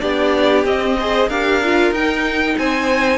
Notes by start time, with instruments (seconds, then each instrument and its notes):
0.00 cello B3, viola D4, violin G4 D5
0.64 cello C4, viola C4, violin D#5
0.98 viola G#4, violin C5
1.28 cello D4, viola G4, violin A#4 F5
1.63 viola F4
1.91 cello D#4, viola D#4, violin G5
2.58 cello C4, violin C5 G#5